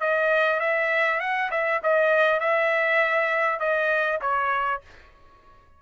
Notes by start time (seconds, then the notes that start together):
0.00 D#5
0.60 E5
1.20 F#5
1.51 E5
1.83 D#5
2.39 E5
3.59 D#5
4.21 C#5